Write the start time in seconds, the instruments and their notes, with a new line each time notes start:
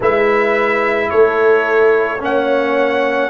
0.00 tuba G#3, trombone E4, horn B4, trumpet E5
1.09 tuba A3, horn A4, trumpet C#5
2.19 tuba A#3, trombone C#4, horn C#5, trumpet F#5